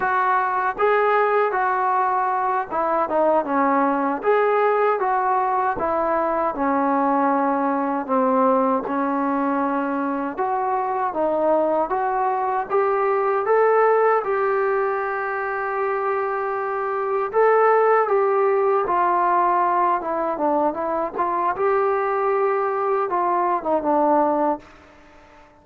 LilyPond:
\new Staff \with { instrumentName = "trombone" } { \time 4/4 \tempo 4 = 78 fis'4 gis'4 fis'4. e'8 | dis'8 cis'4 gis'4 fis'4 e'8~ | e'8 cis'2 c'4 cis'8~ | cis'4. fis'4 dis'4 fis'8~ |
fis'8 g'4 a'4 g'4.~ | g'2~ g'8 a'4 g'8~ | g'8 f'4. e'8 d'8 e'8 f'8 | g'2 f'8. dis'16 d'4 | }